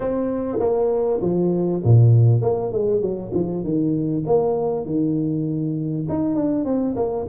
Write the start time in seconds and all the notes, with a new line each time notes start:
0.00 C4
0.59 A#3
1.21 F3
1.83 A#2
2.41 A#3
2.71 G#3
3.01 F#3
3.33 F3
3.63 D#3
4.26 A#3
4.85 D#3
6.08 D#4
6.35 D4
6.64 C4
6.96 A#3